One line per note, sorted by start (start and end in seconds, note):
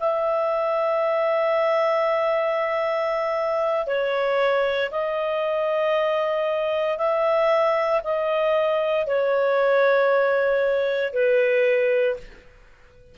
0.00 3.87 E5
3.87 4.90 C#5
4.91 6.98 D#5
6.98 8.01 E5
8.04 9.07 D#5
9.07 11.13 C#5
11.13 12.17 B4